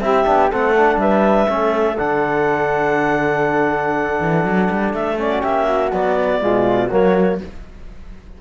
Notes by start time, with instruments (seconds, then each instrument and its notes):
0.00 cello C4, trombone E4, flute G4, clarinet E5
0.25 cello B3, trombone D4
0.51 cello A3, trombone C4, flute A4, clarinet F#5
0.76 trombone D4
0.96 cello G3, flute B4, clarinet E5
1.48 cello A3, trombone C#4, flute A4
1.97 cello D3, trombone D4, clarinet F#5
4.20 cello E3
4.44 cello F#3
4.70 cello G3
4.93 cello A3, clarinet E5
5.17 trombone C#4, clarinet D5
5.28 flute F#4
5.41 cello A#3, flute G4, clarinet E5
5.65 flute F#4
5.92 trombone F#3, cello B3, clarinet D5
6.40 cello B2, trombone G#3, flute F4
6.88 cello F#3, trombone A#3, flute F#4, clarinet C#5